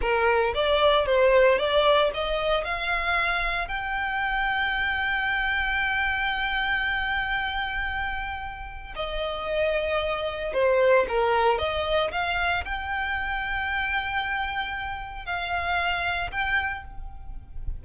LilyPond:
\new Staff \with { instrumentName = "violin" } { \time 4/4 \tempo 4 = 114 ais'4 d''4 c''4 d''4 | dis''4 f''2 g''4~ | g''1~ | g''1~ |
g''4 dis''2. | c''4 ais'4 dis''4 f''4 | g''1~ | g''4 f''2 g''4 | }